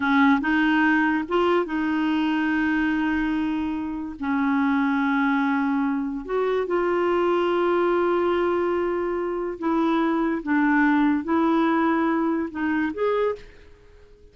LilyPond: \new Staff \with { instrumentName = "clarinet" } { \time 4/4 \tempo 4 = 144 cis'4 dis'2 f'4 | dis'1~ | dis'2 cis'2~ | cis'2. fis'4 |
f'1~ | f'2. e'4~ | e'4 d'2 e'4~ | e'2 dis'4 gis'4 | }